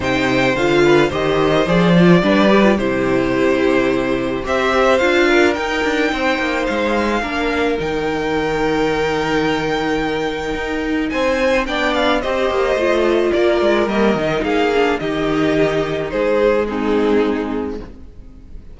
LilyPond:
<<
  \new Staff \with { instrumentName = "violin" } { \time 4/4 \tempo 4 = 108 g''4 f''4 dis''4 d''4~ | d''4 c''2. | e''4 f''4 g''2 | f''2 g''2~ |
g''1 | gis''4 g''8 f''8 dis''2 | d''4 dis''4 f''4 dis''4~ | dis''4 c''4 gis'2 | }
  \new Staff \with { instrumentName = "violin" } { \time 4/4 c''4. b'8 c''2 | b'4 g'2. | c''4. ais'4. c''4~ | c''4 ais'2.~ |
ais'1 | c''4 d''4 c''2 | ais'2 gis'4 g'4~ | g'4 gis'4 dis'2 | }
  \new Staff \with { instrumentName = "viola" } { \time 4/4 dis'4 f'4 g'4 gis'8 f'8 | d'8 g'16 f'16 e'2. | g'4 f'4 dis'2~ | dis'4 d'4 dis'2~ |
dis'1~ | dis'4 d'4 g'4 f'4~ | f'4 ais8 dis'4 d'8 dis'4~ | dis'2 c'2 | }
  \new Staff \with { instrumentName = "cello" } { \time 4/4 c4 d4 dis4 f4 | g4 c2. | c'4 d'4 dis'8 d'8 c'8 ais8 | gis4 ais4 dis2~ |
dis2. dis'4 | c'4 b4 c'8 ais8 a4 | ais8 gis8 g8 dis8 ais4 dis4~ | dis4 gis2. | }
>>